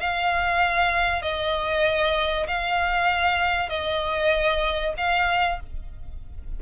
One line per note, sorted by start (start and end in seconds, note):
0.00 1.22 F5
1.22 2.47 D#5
2.48 3.69 F5
3.69 4.94 D#5
4.97 5.60 F5